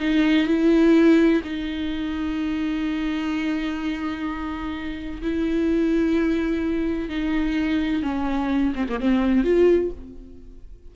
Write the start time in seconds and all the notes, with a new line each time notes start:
0.00 D#4
0.47 E4
1.44 D#4
5.22 E4
7.09 D#4
8.03 C#4
8.75 C4
8.89 A#3
9.00 C4
9.44 F4